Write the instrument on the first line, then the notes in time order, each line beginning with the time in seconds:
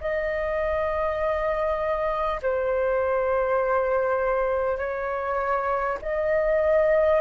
flute
0.00 D#5
2.42 C5
4.78 C#5
6.02 D#5